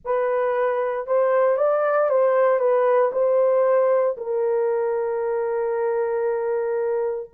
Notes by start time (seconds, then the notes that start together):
0.04 B4
1.06 C5
1.57 D5
2.09 C5
2.59 B4
3.12 C5
4.17 A#4